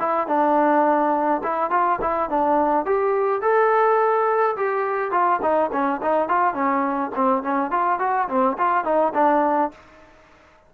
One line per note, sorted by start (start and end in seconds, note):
0.00 0.28 E4
0.28 1.42 D4
1.44 1.71 E4
1.71 1.99 F4
2.02 2.30 E4
2.30 2.86 D4
2.86 3.42 G4
3.42 4.56 A4
4.57 5.11 G4
5.11 5.40 F4
5.42 5.71 D#4
5.73 6.02 C#4
6.02 6.29 D#4
6.29 6.54 F4
6.54 7.11 C#4
7.16 7.43 C4
7.43 7.71 C#4
7.71 8.00 F4
8.00 8.28 F#4
8.29 8.57 C4
8.58 8.85 F4
8.85 9.14 D#4
9.15 9.72 D4